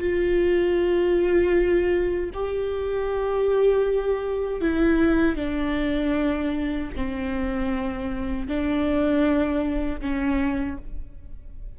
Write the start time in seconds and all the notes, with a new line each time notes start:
0.00 F4
2.34 G4
4.62 E4
5.36 D4
6.96 C4
8.49 D4
10.01 C#4